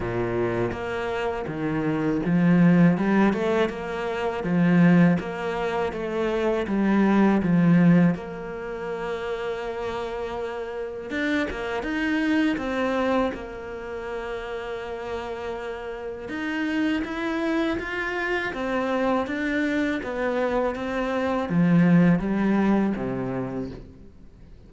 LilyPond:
\new Staff \with { instrumentName = "cello" } { \time 4/4 \tempo 4 = 81 ais,4 ais4 dis4 f4 | g8 a8 ais4 f4 ais4 | a4 g4 f4 ais4~ | ais2. d'8 ais8 |
dis'4 c'4 ais2~ | ais2 dis'4 e'4 | f'4 c'4 d'4 b4 | c'4 f4 g4 c4 | }